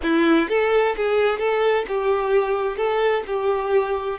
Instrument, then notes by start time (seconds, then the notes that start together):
violin
0.02 E4
0.49 A4
0.96 G#4
1.38 A4
1.88 G4
2.76 A4
3.27 G4